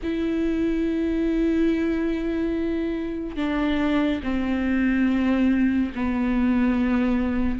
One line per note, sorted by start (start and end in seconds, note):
0.02 3.36 E4
3.36 4.20 D4
4.23 5.92 C4
5.95 7.59 B3